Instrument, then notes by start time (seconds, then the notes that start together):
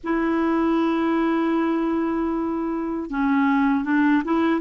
clarinet
0.03 E4
3.10 C#4
3.84 D4
4.24 E4